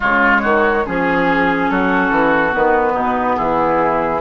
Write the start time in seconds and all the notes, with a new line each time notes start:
0.00 C#3 G#3 F4 C#5
0.41 D#3 F#4
0.85 F3 C#4 G#4
1.69 F#3 F#4 A4
2.10 E3
2.51 D#3 B3 B4
2.93 B2 D#4
3.36 E3 E4 G#4